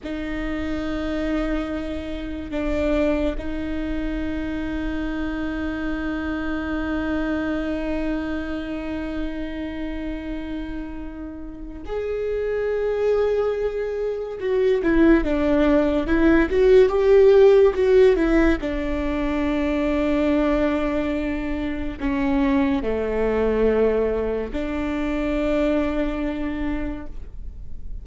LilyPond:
\new Staff \with { instrumentName = "viola" } { \time 4/4 \tempo 4 = 71 dis'2. d'4 | dis'1~ | dis'1~ | dis'2 gis'2~ |
gis'4 fis'8 e'8 d'4 e'8 fis'8 | g'4 fis'8 e'8 d'2~ | d'2 cis'4 a4~ | a4 d'2. | }